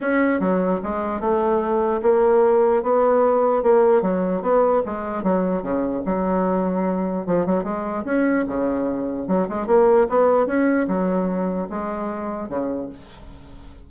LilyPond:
\new Staff \with { instrumentName = "bassoon" } { \time 4/4 \tempo 4 = 149 cis'4 fis4 gis4 a4~ | a4 ais2 b4~ | b4 ais4 fis4 b4 | gis4 fis4 cis4 fis4~ |
fis2 f8 fis8 gis4 | cis'4 cis2 fis8 gis8 | ais4 b4 cis'4 fis4~ | fis4 gis2 cis4 | }